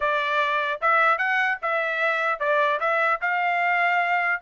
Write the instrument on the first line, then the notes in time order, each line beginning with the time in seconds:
trumpet
0.00 D5
0.81 E5
1.18 F#5
1.62 E5
2.39 D5
2.80 E5
3.21 F5